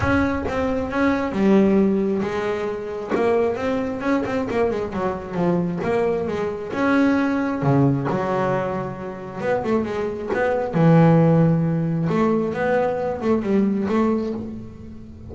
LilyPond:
\new Staff \with { instrumentName = "double bass" } { \time 4/4 \tempo 4 = 134 cis'4 c'4 cis'4 g4~ | g4 gis2 ais4 | c'4 cis'8 c'8 ais8 gis8 fis4 | f4 ais4 gis4 cis'4~ |
cis'4 cis4 fis2~ | fis4 b8 a8 gis4 b4 | e2. a4 | b4. a8 g4 a4 | }